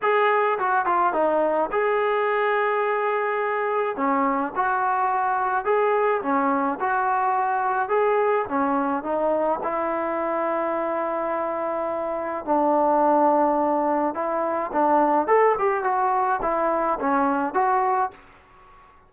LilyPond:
\new Staff \with { instrumentName = "trombone" } { \time 4/4 \tempo 4 = 106 gis'4 fis'8 f'8 dis'4 gis'4~ | gis'2. cis'4 | fis'2 gis'4 cis'4 | fis'2 gis'4 cis'4 |
dis'4 e'2.~ | e'2 d'2~ | d'4 e'4 d'4 a'8 g'8 | fis'4 e'4 cis'4 fis'4 | }